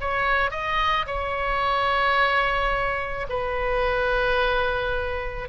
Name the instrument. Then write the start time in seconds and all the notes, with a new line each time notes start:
oboe
0.00 C#5
0.51 D#5
1.06 C#5
3.29 B4